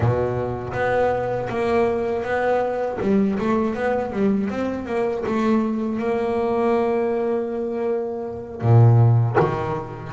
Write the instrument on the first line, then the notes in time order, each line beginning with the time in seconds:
double bass
0.00 B2
0.73 B3
1.49 A#3
2.23 B3
3.01 G3
3.39 A3
3.74 B3
4.12 G3
4.49 C4
4.86 A#3
5.26 A3
5.99 A#3
8.61 A#2
9.40 D#3